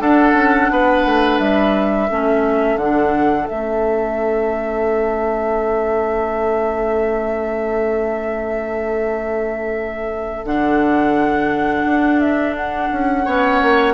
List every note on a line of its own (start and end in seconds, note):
0.00 0.34 D4
0.00 2.10 D4
0.00 0.71 A4
0.00 1.39 F#5
0.34 0.69 C#4
0.71 1.06 B3
0.71 2.10 B4
1.06 1.40 A3
1.39 2.09 G3
1.39 2.78 E5
2.10 2.76 A3
2.10 2.80 C#4
2.10 13.25 A4
2.76 3.46 D3
2.76 3.51 D4
2.76 3.48 F#5
3.48 10.45 A3
3.48 10.46 C#4
3.48 10.46 E5
10.45 11.84 D3
10.45 13.25 D4
10.45 12.20 F#5
11.85 12.90 D4
12.20 12.55 E5
12.57 13.94 F#5
12.92 13.27 C#4
13.25 13.61 B3
13.25 13.94 C#4
13.25 13.94 C#5
13.62 13.94 A#3